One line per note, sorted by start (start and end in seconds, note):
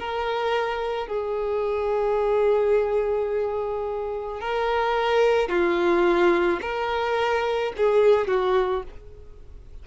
0.00 1.08 A#4
1.08 4.41 G#4
4.41 5.49 A#4
5.49 6.60 F4
6.62 7.73 A#4
7.77 8.28 G#4
8.28 8.83 F#4